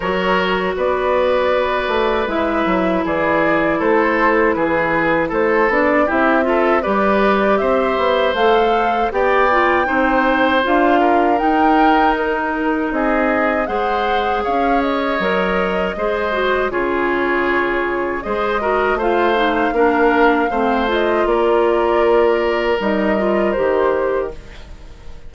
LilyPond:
<<
  \new Staff \with { instrumentName = "flute" } { \time 4/4 \tempo 4 = 79 cis''4 d''2 e''4 | d''4 c''4 b'4 c''8 d''8 | e''4 d''4 e''4 f''4 | g''2 f''4 g''4 |
ais'4 dis''4 fis''4 f''8 dis''8~ | dis''2 cis''2 | dis''4 f''2~ f''8 dis''8 | d''2 dis''4 c''4 | }
  \new Staff \with { instrumentName = "oboe" } { \time 4/4 ais'4 b'2. | gis'4 a'4 gis'4 a'4 | g'8 a'8 b'4 c''2 | d''4 c''4. ais'4.~ |
ais'4 gis'4 c''4 cis''4~ | cis''4 c''4 gis'2 | c''8 ais'8 c''4 ais'4 c''4 | ais'1 | }
  \new Staff \with { instrumentName = "clarinet" } { \time 4/4 fis'2. e'4~ | e'2.~ e'8 d'8 | e'8 f'8 g'2 a'4 | g'8 f'8 dis'4 f'4 dis'4~ |
dis'2 gis'2 | ais'4 gis'8 fis'8 f'2 | gis'8 fis'8 f'8 dis'8 d'4 c'8 f'8~ | f'2 dis'8 f'8 g'4 | }
  \new Staff \with { instrumentName = "bassoon" } { \time 4/4 fis4 b4. a8 gis8 fis8 | e4 a4 e4 a8 b8 | c'4 g4 c'8 b8 a4 | b4 c'4 d'4 dis'4~ |
dis'4 c'4 gis4 cis'4 | fis4 gis4 cis2 | gis4 a4 ais4 a4 | ais2 g4 dis4 | }
>>